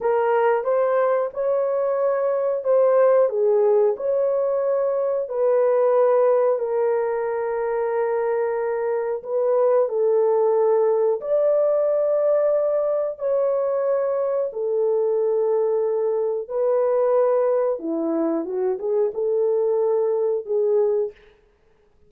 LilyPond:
\new Staff \with { instrumentName = "horn" } { \time 4/4 \tempo 4 = 91 ais'4 c''4 cis''2 | c''4 gis'4 cis''2 | b'2 ais'2~ | ais'2 b'4 a'4~ |
a'4 d''2. | cis''2 a'2~ | a'4 b'2 e'4 | fis'8 gis'8 a'2 gis'4 | }